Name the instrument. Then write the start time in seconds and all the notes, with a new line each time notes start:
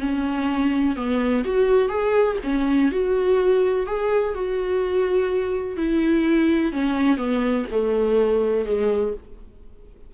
viola
0.00 C#4
0.96 B3
1.44 F#4
1.89 G#4
2.44 C#4
2.91 F#4
3.86 G#4
4.34 F#4
5.77 E4
6.72 C#4
7.17 B3
7.71 A3
8.66 G#3